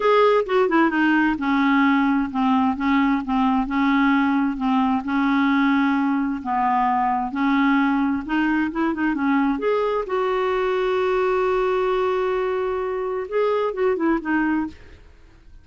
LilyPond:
\new Staff \with { instrumentName = "clarinet" } { \time 4/4 \tempo 4 = 131 gis'4 fis'8 e'8 dis'4 cis'4~ | cis'4 c'4 cis'4 c'4 | cis'2 c'4 cis'4~ | cis'2 b2 |
cis'2 dis'4 e'8 dis'8 | cis'4 gis'4 fis'2~ | fis'1~ | fis'4 gis'4 fis'8 e'8 dis'4 | }